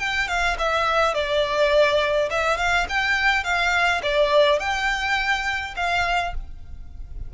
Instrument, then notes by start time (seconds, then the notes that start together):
violin
0.00 G5
0.28 F5
0.59 E5
1.15 D5
2.31 E5
2.58 F5
2.90 G5
3.44 F5
4.03 D5
4.60 G5
5.77 F5